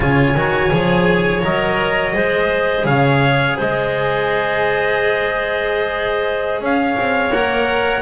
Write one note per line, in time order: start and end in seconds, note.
0.00 0.35 C#3
0.00 0.35 F4
0.00 2.14 C#5
0.00 1.42 G#5
0.35 0.71 D#3
0.35 0.70 F#4
0.70 1.43 F3
0.70 1.42 G#4
1.42 2.15 F#3
1.42 2.13 A#4
1.42 2.85 D#5
2.13 2.84 G#3
2.13 7.31 G#4
2.13 2.85 C5
2.84 3.56 C#3
2.84 3.56 C#5
2.84 3.57 F5
3.56 6.60 G#3
3.56 6.60 C5
3.56 6.64 D#5
6.60 6.96 C#4
6.60 8.02 C#5
6.60 7.32 F5
6.98 7.31 C4
7.31 8.02 A#3
7.31 8.02 A#4
7.31 8.02 F#5